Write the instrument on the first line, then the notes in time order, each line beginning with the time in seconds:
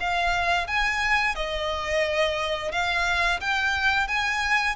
violin
0.00 F5
0.67 G#5
1.35 D#5
2.72 F5
3.40 G5
4.07 G#5